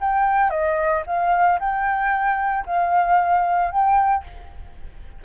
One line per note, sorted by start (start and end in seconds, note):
0.00 0.50 G5
0.50 1.02 D#5
1.06 1.59 F5
1.59 2.65 G5
2.66 3.71 F5
3.71 4.23 G5